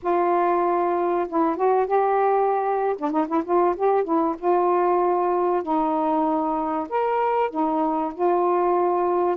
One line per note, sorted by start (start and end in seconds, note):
0.02 1.27 F4
1.28 1.56 E4
1.56 1.86 F#4
1.86 2.96 G4
2.98 3.10 D4
3.10 3.26 D#4
3.27 3.43 E4
3.44 3.75 F4
3.76 4.04 G4
4.04 4.35 E4
4.38 5.62 F4
5.62 6.88 D#4
6.89 7.50 A#4
7.50 8.12 D#4
8.14 9.36 F4